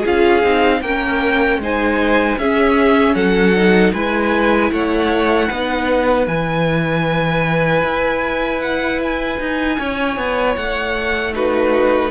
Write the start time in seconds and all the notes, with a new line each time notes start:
0.00 C#4 F4 G#4
0.06 F5
0.43 C4 D#4
0.81 A#3 C#4 A#4 G5
1.58 G#3 D#4 C5 G#5
2.37 C#4 G#4 E5
3.15 F#3 A4 F#5
3.56 D#4
3.93 G#3 E4 B4 G#5
4.71 A3 C#5 F#5
5.48 B3 D#4 B4
6.27 E3 E4 G#5
7.83 E4
8.61 F#5
9.03 G#5
9.39 D#4
9.79 C#4 C#5
10.17 B3
10.56 A3 F#5
11.33 D#4 F#4 B4